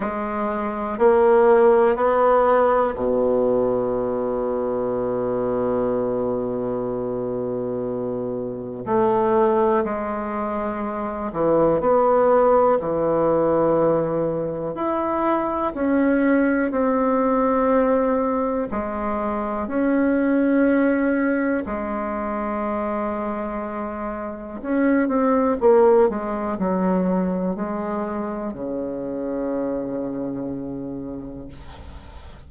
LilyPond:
\new Staff \with { instrumentName = "bassoon" } { \time 4/4 \tempo 4 = 61 gis4 ais4 b4 b,4~ | b,1~ | b,4 a4 gis4. e8 | b4 e2 e'4 |
cis'4 c'2 gis4 | cis'2 gis2~ | gis4 cis'8 c'8 ais8 gis8 fis4 | gis4 cis2. | }